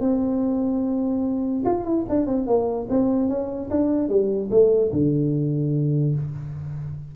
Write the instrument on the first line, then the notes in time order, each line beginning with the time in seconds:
tuba
0.00 C4
1.65 F4
1.84 E4
2.09 D4
2.26 C4
2.47 A#3
2.90 C4
3.29 C#4
3.70 D4
4.09 G3
4.50 A3
4.92 D3